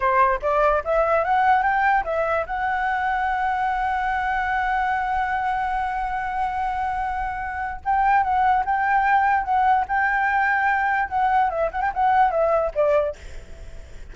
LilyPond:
\new Staff \with { instrumentName = "flute" } { \time 4/4 \tempo 4 = 146 c''4 d''4 e''4 fis''4 | g''4 e''4 fis''2~ | fis''1~ | fis''1~ |
fis''2. g''4 | fis''4 g''2 fis''4 | g''2. fis''4 | e''8 fis''16 g''16 fis''4 e''4 d''4 | }